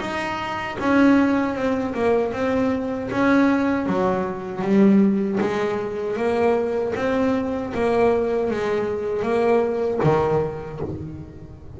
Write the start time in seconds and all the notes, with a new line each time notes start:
0.00 D#4
0.79 C#4
1.55 C4
1.94 A#3
2.33 C4
3.10 C#4
3.86 F#3
4.62 G3
5.40 G#3
6.16 A#3
6.96 C4
7.74 A#3
8.50 G#3
9.22 A#3
10.03 D#3